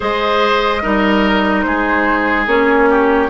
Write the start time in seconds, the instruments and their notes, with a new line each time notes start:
0.00 bassoon G#3, clarinet G#4, oboe C5, flute D#5
0.82 bassoon G3, clarinet D#4, oboe A#4
1.61 bassoon G#3, oboe G#4, flute C5
2.47 bassoon A#3, clarinet C#4, flute C#5
2.89 oboe G4